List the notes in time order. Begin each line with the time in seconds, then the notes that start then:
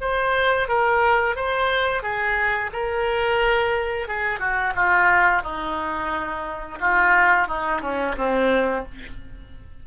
0.00 C5
0.68 A#4
1.35 C5
2.02 G#4
2.72 A#4
4.08 G#4
4.39 F#4
4.75 F4
5.42 D#4
6.80 F4
7.48 D#4
7.81 C#4
8.17 C4